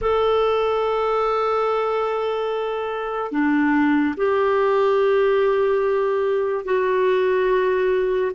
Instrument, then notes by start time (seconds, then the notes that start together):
clarinet
0.01 A4
3.31 D4
4.17 G4
6.64 F#4